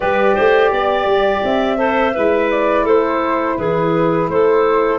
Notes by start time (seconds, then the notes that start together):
0.00 G3 G4 B4 D5
0.35 A3 C5
0.71 B3 D5
1.05 G3
1.43 C4 E5
1.76 A4 C5
2.13 G#3 E4 B4
2.51 D5
2.84 A3 A4 C5
3.57 E3 G#4 B4
4.28 A3 A4 C5